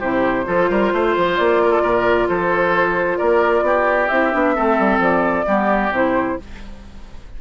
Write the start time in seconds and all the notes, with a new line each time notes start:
0.00 C3 E4 G4 C5
0.45 F3 F4 A4
0.70 G3 A#4
0.93 A3 C5
1.18 F3
1.37 A#3 D5
1.63 A#4
1.71 A4
1.83 A#2 A#4
2.29 F3 A4 C5
3.18 A#3 A#4 D5
3.62 B3 G4
4.08 C4 E4 E5
4.33 B3 D4
4.55 A3 C4 A4
4.80 G3
4.99 F3 D5
5.47 G3 B3 G4
5.91 C3 E4 C5